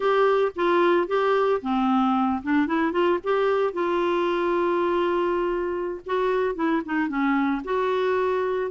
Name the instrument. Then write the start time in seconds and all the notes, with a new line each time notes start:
clarinet
0.00 G4
0.55 F4
1.07 G4
1.61 C4
2.42 D4
2.66 E4
2.92 F4
3.23 G4
3.73 F4
6.05 F#4
6.55 E4
6.85 D#4
7.08 C#4
7.64 F#4